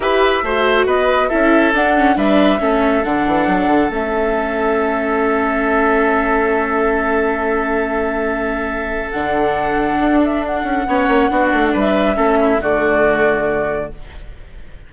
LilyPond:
<<
  \new Staff \with { instrumentName = "flute" } { \time 4/4 \tempo 4 = 138 e''2 dis''4 e''4 | fis''4 e''2 fis''4~ | fis''4 e''2.~ | e''1~ |
e''1~ | e''4 fis''2~ fis''8 e''8 | fis''2. e''4~ | e''4 d''2. | }
  \new Staff \with { instrumentName = "oboe" } { \time 4/4 b'4 c''4 b'4 a'4~ | a'4 b'4 a'2~ | a'1~ | a'1~ |
a'1~ | a'1~ | a'4 cis''4 fis'4 b'4 | a'8 e'8 fis'2. | }
  \new Staff \with { instrumentName = "viola" } { \time 4/4 g'4 fis'2 e'4 | d'8 cis'8 d'4 cis'4 d'4~ | d'4 cis'2.~ | cis'1~ |
cis'1~ | cis'4 d'2.~ | d'4 cis'4 d'2 | cis'4 a2. | }
  \new Staff \with { instrumentName = "bassoon" } { \time 4/4 e'4 a4 b4 cis'4 | d'4 g4 a4 d8 e8 | fis8 d8 a2.~ | a1~ |
a1~ | a4 d2 d'4~ | d'8 cis'8 b8 ais8 b8 a8 g4 | a4 d2. | }
>>